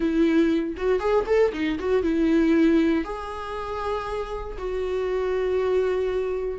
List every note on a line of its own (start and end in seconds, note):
0.00 0.75 E4
0.76 0.99 F#4
0.99 1.25 G#4
1.26 1.51 A4
1.53 1.78 D#4
1.79 2.02 F#4
2.02 3.04 E4
3.04 4.57 G#4
4.58 6.59 F#4